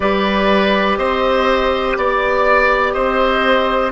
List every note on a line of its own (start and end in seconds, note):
0.00 0.97 G3
0.00 3.92 G4
0.00 0.98 B4
0.00 0.97 D5
0.97 1.95 C4
0.97 1.97 C5
0.97 1.95 D#5
1.96 2.94 B3
1.96 2.92 D5
1.96 2.93 D5
2.92 3.92 C4
2.92 3.91 C5
2.92 3.90 D#5